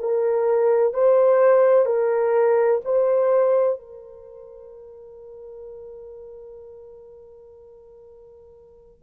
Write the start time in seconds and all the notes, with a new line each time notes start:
0.00 A#4
0.94 C5
1.86 A#4
2.85 C5
3.80 A#4